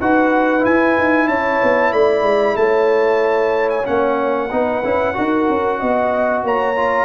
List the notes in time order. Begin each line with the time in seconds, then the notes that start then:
0.00 D#4 F#4 B4 F#5
0.60 E4 G#5
0.98 D#4
1.27 C#4 C#5 A5
1.62 B3
1.91 A3 D5 B5
2.22 G#3
2.55 A3 C#5 A5
3.69 G#5
3.84 A#3 C#4 F#5
4.51 B3 D#4 B4
4.84 C#4 E4
5.14 D#4 F#4 A#4
5.49 C#4
5.79 B3 D#5
6.43 A#3 C#5 A#5
6.76 F4